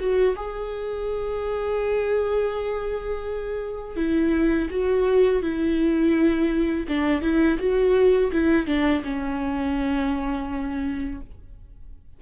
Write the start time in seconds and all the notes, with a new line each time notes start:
0.00 F#4
0.37 G#4
3.97 E4
4.71 F#4
5.42 E4
6.89 D4
7.22 E4
7.59 F#4
8.33 E4
8.67 D4
9.04 C#4